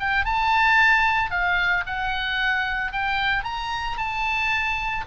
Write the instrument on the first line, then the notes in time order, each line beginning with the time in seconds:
oboe
0.00 G5
0.25 A5
1.31 F5
1.87 F#5
2.92 G5
3.44 A#5
3.98 A5